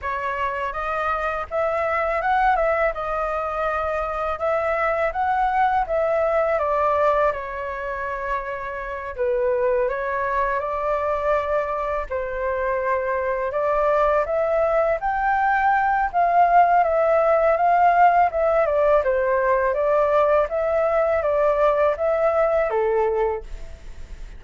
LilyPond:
\new Staff \with { instrumentName = "flute" } { \time 4/4 \tempo 4 = 82 cis''4 dis''4 e''4 fis''8 e''8 | dis''2 e''4 fis''4 | e''4 d''4 cis''2~ | cis''8 b'4 cis''4 d''4.~ |
d''8 c''2 d''4 e''8~ | e''8 g''4. f''4 e''4 | f''4 e''8 d''8 c''4 d''4 | e''4 d''4 e''4 a'4 | }